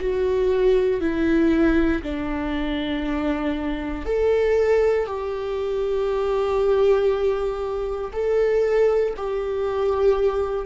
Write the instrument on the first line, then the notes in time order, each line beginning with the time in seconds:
viola
0.00 F#4
1.01 E4
2.03 D4
4.06 A4
5.07 G4
8.13 A4
9.17 G4